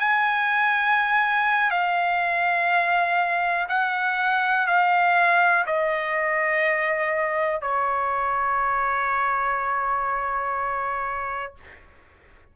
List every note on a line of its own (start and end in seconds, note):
0.00 1.71 G#5
1.71 3.68 F5
3.69 4.67 F#5
4.67 5.66 F5
5.66 7.62 D#5
7.62 11.55 C#5